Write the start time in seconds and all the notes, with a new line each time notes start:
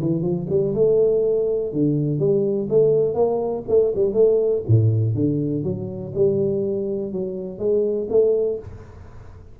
0.00 E3
0.22 F3
0.49 G3
0.74 A3
1.73 D3
2.19 G3
2.69 A3
3.14 A#3
3.68 A3
3.95 G3
4.13 A3
4.68 A2
5.15 D3
5.64 F#3
6.15 G3
7.12 F#3
7.58 G#3
8.10 A3